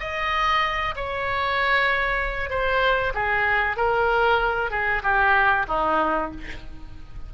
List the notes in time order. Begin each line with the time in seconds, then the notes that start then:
0.00 D#5
0.96 C#5
2.50 C5
3.15 G#4
3.77 A#4
4.71 G#4
5.03 G4
5.68 D#4